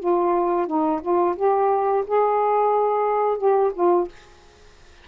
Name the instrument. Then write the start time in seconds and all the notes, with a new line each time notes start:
saxophone
0.00 F4
0.67 D#4
1.02 F4
1.36 G4
2.07 G#4
3.38 G4
3.74 F4